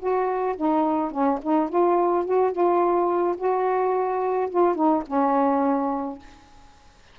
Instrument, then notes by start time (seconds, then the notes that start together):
saxophone
0.00 F#4
0.57 D#4
1.12 C#4
1.43 D#4
1.70 F4
2.26 F#4
2.53 F4
3.38 F#4
4.50 F4
4.76 D#4
5.07 C#4